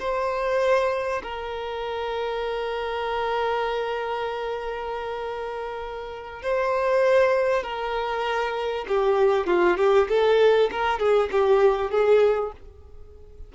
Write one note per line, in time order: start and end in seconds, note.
0.00 1.22 C5
1.23 6.43 A#4
6.43 7.63 C5
7.63 8.86 A#4
8.88 9.47 G4
9.47 9.78 F4
9.78 10.08 G4
10.09 10.70 A4
10.71 11.00 A#4
11.00 11.30 G#4
11.32 11.91 G4
11.91 12.52 G#4